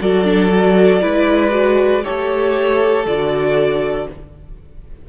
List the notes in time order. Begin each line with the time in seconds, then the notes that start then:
0.00 F#3 F#4 A4 D5
0.24 D4
0.49 F#4
1.01 G#3 E4 B4
1.50 F#4
2.03 A3 G4 A4 C#5
3.05 D3 F#4 D5